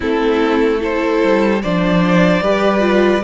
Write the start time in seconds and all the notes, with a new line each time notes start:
0.00 A3 C4 E4 A4
0.79 E4 A4 C5
1.23 G3
1.62 F3 D4 C5 D5
2.40 G3 G4 B4
2.79 F4